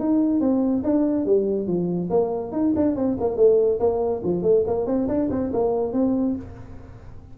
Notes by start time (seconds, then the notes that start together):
0.00 D#4
0.41 C4
0.84 D4
1.26 G3
1.68 F3
2.11 A#3
2.52 D#4
2.76 D4
2.96 C4
3.21 A#3
3.37 A3
3.80 A#3
4.24 F3
4.43 A3
4.67 A#3
4.87 C4
5.08 D4
5.31 C4
5.53 A#3
5.93 C4